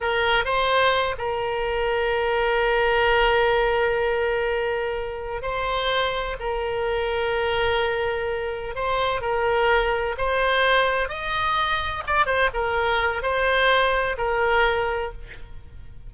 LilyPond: \new Staff \with { instrumentName = "oboe" } { \time 4/4 \tempo 4 = 127 ais'4 c''4. ais'4.~ | ais'1~ | ais'2.~ ais'8 c''8~ | c''4. ais'2~ ais'8~ |
ais'2~ ais'8 c''4 ais'8~ | ais'4. c''2 dis''8~ | dis''4. d''8 c''8 ais'4. | c''2 ais'2 | }